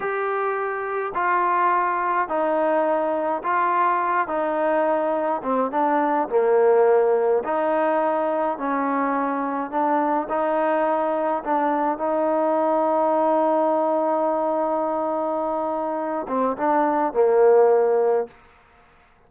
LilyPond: \new Staff \with { instrumentName = "trombone" } { \time 4/4 \tempo 4 = 105 g'2 f'2 | dis'2 f'4. dis'8~ | dis'4. c'8 d'4 ais4~ | ais4 dis'2 cis'4~ |
cis'4 d'4 dis'2 | d'4 dis'2.~ | dis'1~ | dis'8 c'8 d'4 ais2 | }